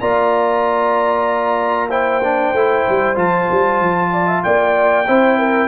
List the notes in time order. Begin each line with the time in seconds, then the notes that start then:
0.00 A#3 F4 D5 A#5
1.89 E4 C5 G5
2.23 D4
2.53 A3 E4
2.88 G3
3.15 F3 F4 A5
3.51 G3
3.80 F3
4.12 D5
4.27 E5
4.43 A#3 D5 G5
5.07 C4 E4 C5
5.38 A#4